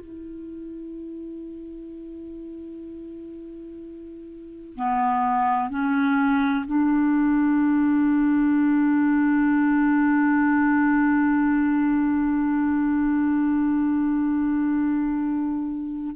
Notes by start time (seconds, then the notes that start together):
0.00 E4
4.76 B3
5.70 C#4
6.66 D4